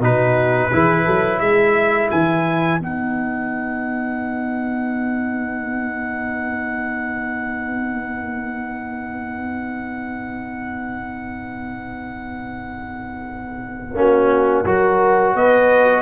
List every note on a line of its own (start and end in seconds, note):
0.00 0.70 B2
0.00 0.71 D#4
0.00 0.71 F#4
0.00 1.39 B4
0.72 1.07 E3
0.72 2.80 E4
0.72 1.05 G#4
1.05 1.40 F#3
1.05 1.40 A4
1.39 2.10 G#3
1.39 13.96 B4
1.39 2.09 E5
2.11 2.80 E3
2.11 2.80 G#5
2.80 13.94 B3
2.80 13.95 D#4
2.80 15.36 F#5
13.94 14.64 A#3
13.94 14.65 C#4
13.94 14.65 F#4
14.65 15.35 F#3
14.65 16.02 F#4
14.65 15.35 A#4
15.35 16.02 B3
15.35 16.02 B4
15.35 16.02 D#5